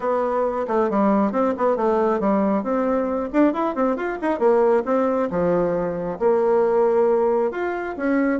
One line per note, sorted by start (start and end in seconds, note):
0.00 0.66 B3
0.67 0.89 A3
0.90 1.32 G3
1.32 1.54 C4
1.57 1.76 B3
1.76 2.20 A3
2.20 2.63 G3
2.63 3.29 C4
3.32 3.53 D4
3.53 3.75 E4
3.75 3.96 C4
3.96 4.18 F4
4.21 4.39 D#4
4.39 4.83 A#3
4.85 5.29 C4
5.30 6.18 F3
6.19 7.51 A#3
7.51 7.95 F4
7.96 8.39 C#4